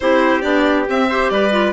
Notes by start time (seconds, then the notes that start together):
0.00 C4 E4 G4 C5
0.41 B3 D4 D5
0.88 C4 E5
1.09 G4 C5
1.30 G3 B4 D5
1.51 F4